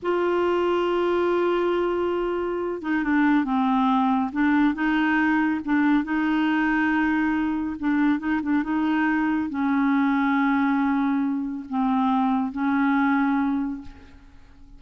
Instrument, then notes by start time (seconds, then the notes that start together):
clarinet
0.02 F4
2.82 D#4
3.03 D4
3.44 C4
4.32 D4
4.74 D#4
5.64 D4
6.04 D#4
7.79 D4
8.19 D#4
8.42 D4
8.63 D#4
9.49 C#4
11.69 C4
12.52 C#4